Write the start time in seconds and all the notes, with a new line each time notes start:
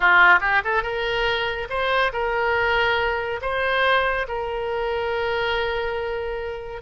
0.00 F4
0.40 G4
0.64 A4
0.82 A#4
1.69 C5
2.12 A#4
3.41 C5
4.28 A#4